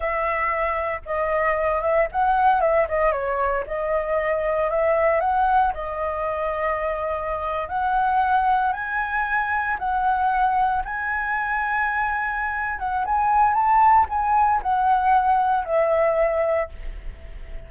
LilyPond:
\new Staff \with { instrumentName = "flute" } { \time 4/4 \tempo 4 = 115 e''2 dis''4. e''8 | fis''4 e''8 dis''8 cis''4 dis''4~ | dis''4 e''4 fis''4 dis''4~ | dis''2~ dis''8. fis''4~ fis''16~ |
fis''8. gis''2 fis''4~ fis''16~ | fis''8. gis''2.~ gis''16~ | gis''8 fis''8 gis''4 a''4 gis''4 | fis''2 e''2 | }